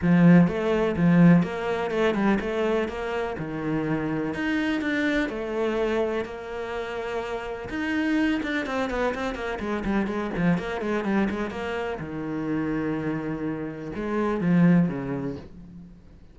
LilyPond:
\new Staff \with { instrumentName = "cello" } { \time 4/4 \tempo 4 = 125 f4 a4 f4 ais4 | a8 g8 a4 ais4 dis4~ | dis4 dis'4 d'4 a4~ | a4 ais2. |
dis'4. d'8 c'8 b8 c'8 ais8 | gis8 g8 gis8 f8 ais8 gis8 g8 gis8 | ais4 dis2.~ | dis4 gis4 f4 cis4 | }